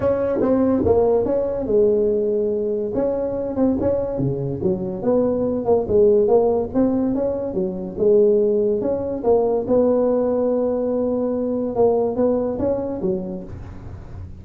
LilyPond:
\new Staff \with { instrumentName = "tuba" } { \time 4/4 \tempo 4 = 143 cis'4 c'4 ais4 cis'4 | gis2. cis'4~ | cis'8 c'8 cis'4 cis4 fis4 | b4. ais8 gis4 ais4 |
c'4 cis'4 fis4 gis4~ | gis4 cis'4 ais4 b4~ | b1 | ais4 b4 cis'4 fis4 | }